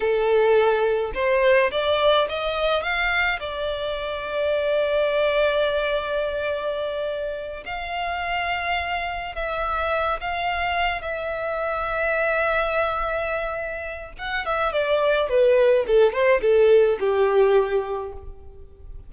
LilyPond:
\new Staff \with { instrumentName = "violin" } { \time 4/4 \tempo 4 = 106 a'2 c''4 d''4 | dis''4 f''4 d''2~ | d''1~ | d''4. f''2~ f''8~ |
f''8 e''4. f''4. e''8~ | e''1~ | e''4 fis''8 e''8 d''4 b'4 | a'8 c''8 a'4 g'2 | }